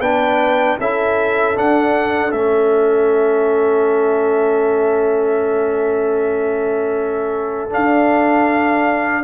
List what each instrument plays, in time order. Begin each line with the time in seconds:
0.00 tuba B3, trombone D4, horn B4, trumpet G5
0.79 tuba C#4, trombone E4, horn A4, trumpet E5
1.55 trombone D4, tuba D4, trumpet F#5
2.31 tuba A3, trombone C#4, trumpet E5
7.70 trombone D4, tuba D4, trumpet F5